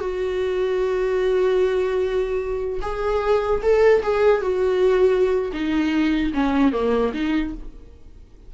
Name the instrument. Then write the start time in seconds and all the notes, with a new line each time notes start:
viola
0.00 F#4
2.81 G#4
3.62 A4
4.03 G#4
4.42 F#4
5.53 D#4
6.33 C#4
6.73 A#3
7.13 D#4